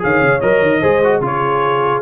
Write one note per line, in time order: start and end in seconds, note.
0.00 0.21 D#3
0.00 0.41 G#4
0.00 0.81 C#5
0.00 0.41 F5
0.21 0.41 C#3
0.41 0.63 F#3
0.41 0.82 A#4
0.41 1.22 D#5
0.63 0.83 D#3
0.81 1.21 G#3
0.81 1.02 G#4
0.81 1.22 C5
1.04 1.22 F#4
1.21 2.02 C#3
1.21 2.02 F4
1.21 2.02 G#4
1.21 2.02 C#5